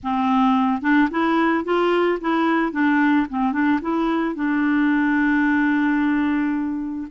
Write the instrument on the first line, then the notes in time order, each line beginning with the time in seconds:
clarinet
0.03 C4
0.81 D4
1.10 E4
1.64 F4
2.21 E4
2.72 D4
3.29 C4
3.52 D4
3.81 E4
4.35 D4